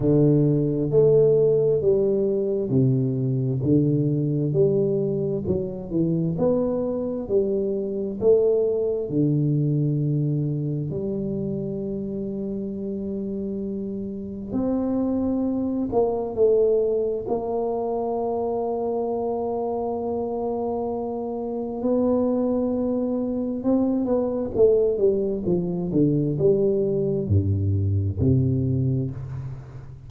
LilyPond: \new Staff \with { instrumentName = "tuba" } { \time 4/4 \tempo 4 = 66 d4 a4 g4 c4 | d4 g4 fis8 e8 b4 | g4 a4 d2 | g1 |
c'4. ais8 a4 ais4~ | ais1 | b2 c'8 b8 a8 g8 | f8 d8 g4 g,4 c4 | }